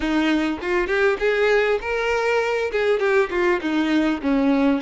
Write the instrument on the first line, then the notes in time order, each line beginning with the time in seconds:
violin
0.00 D#4
0.61 F4
0.87 G4
1.19 G#4
1.81 A#4
2.72 G#4
2.99 G4
3.30 F4
3.61 D#4
4.22 C#4